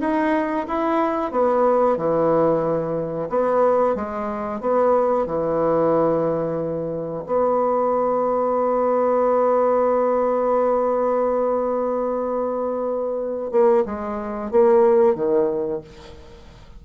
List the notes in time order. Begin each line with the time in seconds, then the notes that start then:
0.00 D#4
0.67 E4
1.31 B3
1.97 E3
3.29 B3
3.95 G#3
4.60 B3
5.26 E3
7.26 B3
13.51 A#3
13.85 G#3
14.51 A#3
15.15 D#3